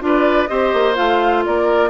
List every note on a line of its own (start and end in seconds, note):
0.00 0.48 D4
0.00 0.48 F4
0.00 0.49 B4
0.00 0.47 D5
0.47 0.73 C4
0.47 0.94 G4
0.47 1.44 C5
0.47 0.95 D#5
0.73 0.97 A#3
0.94 1.45 A3
0.94 1.89 F4
0.94 1.43 F5
1.45 1.89 A#3
1.45 1.89 A#4
1.45 1.89 D5